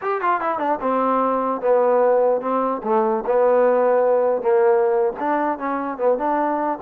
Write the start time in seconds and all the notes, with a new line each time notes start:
0.01 G4
0.21 F4
0.40 E4
0.58 D4
0.80 C4
1.61 B3
2.41 C4
2.83 A3
3.26 B3
4.41 A#3
5.19 D4
5.58 C#4
5.97 B3
6.18 D4